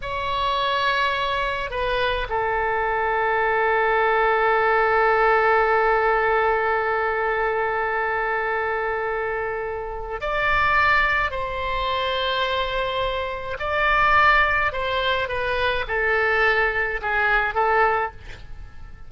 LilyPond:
\new Staff \with { instrumentName = "oboe" } { \time 4/4 \tempo 4 = 106 cis''2. b'4 | a'1~ | a'1~ | a'1~ |
a'2 d''2 | c''1 | d''2 c''4 b'4 | a'2 gis'4 a'4 | }